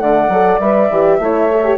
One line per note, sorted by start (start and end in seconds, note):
0.00 0.29 D3
0.00 0.30 A3
0.00 1.19 D5
0.00 0.59 F#5
0.29 0.58 F#3
0.29 0.61 A4
0.60 0.89 G3
0.60 0.90 B4
0.60 1.77 E5
0.91 1.19 E3
0.91 1.21 G4
1.19 1.78 A3
1.19 1.51 E4
1.19 1.78 C#5
1.52 1.65 A4
1.65 1.78 G4